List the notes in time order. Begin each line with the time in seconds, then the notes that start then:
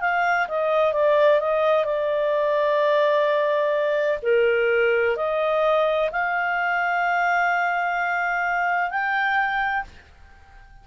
0.00 F5
0.47 D#5
0.92 D5
1.40 D#5
1.85 D5
4.22 A#4
5.16 D#5
6.11 F5
8.90 G5